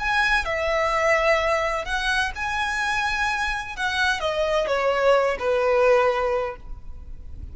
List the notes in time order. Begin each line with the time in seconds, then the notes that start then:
0.00 G#5
0.45 E5
1.86 F#5
2.36 G#5
3.76 F#5
4.21 D#5
4.67 C#5
5.40 B4